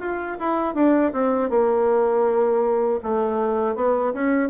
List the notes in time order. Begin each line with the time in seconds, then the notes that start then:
0.00 F4
0.40 E4
0.75 D4
1.13 C4
1.50 A#3
3.03 A3
3.76 B3
4.14 C#4